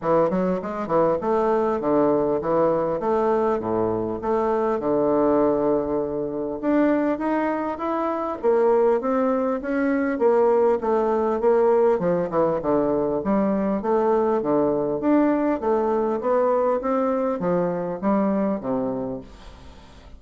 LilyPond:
\new Staff \with { instrumentName = "bassoon" } { \time 4/4 \tempo 4 = 100 e8 fis8 gis8 e8 a4 d4 | e4 a4 a,4 a4 | d2. d'4 | dis'4 e'4 ais4 c'4 |
cis'4 ais4 a4 ais4 | f8 e8 d4 g4 a4 | d4 d'4 a4 b4 | c'4 f4 g4 c4 | }